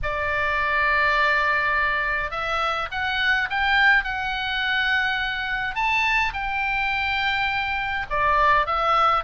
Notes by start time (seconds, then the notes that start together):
0.02 D5
2.30 E5
2.91 F#5
3.50 G5
4.04 F#5
5.75 A5
6.33 G5
8.10 D5
8.66 E5